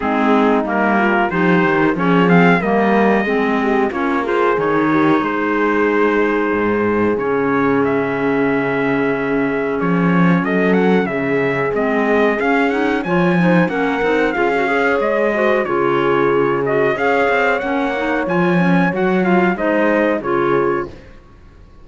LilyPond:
<<
  \new Staff \with { instrumentName = "trumpet" } { \time 4/4 \tempo 4 = 92 gis'4 ais'4 c''4 cis''8 f''8 | dis''2 cis''8 c''8 cis''4 | c''2. cis''4 | e''2. cis''4 |
dis''8 fis''8 e''4 dis''4 f''8 fis''8 | gis''4 fis''4 f''4 dis''4 | cis''4. dis''8 f''4 fis''4 | gis''4 fis''8 f''8 dis''4 cis''4 | }
  \new Staff \with { instrumentName = "horn" } { \time 4/4 dis'4. f'8 g'4 gis'4 | ais'4 gis'8 g'8 f'8 gis'4 g'8 | gis'1~ | gis'1 |
a'4 gis'2. | cis''8 c''8 ais'4 gis'8 cis''4 c''8 | gis'2 cis''2~ | cis''2 c''4 gis'4 | }
  \new Staff \with { instrumentName = "clarinet" } { \time 4/4 c'4 ais4 dis'4 cis'8 c'8 | ais4 c'4 cis'8 f'8 dis'4~ | dis'2. cis'4~ | cis'1~ |
cis'2 c'4 cis'8 dis'8 | f'8 dis'8 cis'8 dis'8 f'16 fis'16 gis'4 fis'8 | f'4. fis'8 gis'4 cis'8 dis'8 | f'8 cis'8 fis'8 f'8 dis'4 f'4 | }
  \new Staff \with { instrumentName = "cello" } { \time 4/4 gis4 g4 f8 dis8 f4 | g4 gis4 ais4 dis4 | gis2 gis,4 cis4~ | cis2. f4 |
fis4 cis4 gis4 cis'4 | f4 ais8 c'8 cis'4 gis4 | cis2 cis'8 c'8 ais4 | f4 fis4 gis4 cis4 | }
>>